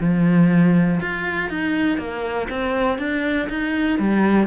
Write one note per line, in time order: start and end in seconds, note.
0.00 1.00 F3
1.01 1.50 F4
1.50 1.98 D#4
1.98 2.48 A#3
2.50 2.98 C4
2.98 3.48 D4
3.49 3.99 D#4
3.99 4.47 G3